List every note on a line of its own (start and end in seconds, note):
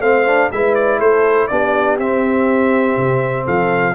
0.00 0.49 A3
0.00 0.26 C4
0.00 0.51 C5
0.00 0.51 F5
0.26 0.51 D4
0.52 1.00 G#3
0.52 1.50 E4
0.52 0.99 B4
0.52 0.75 E5
0.75 0.99 D5
0.99 1.49 A3
0.99 1.49 A4
0.99 1.48 C5
1.48 1.98 B3
1.48 2.00 D4
1.48 3.45 G4
1.48 1.97 D5
1.98 2.97 C4
1.98 3.95 C4
1.98 3.47 E5
2.97 3.46 C3
3.45 3.95 F3
3.45 3.94 A4
3.45 3.95 F5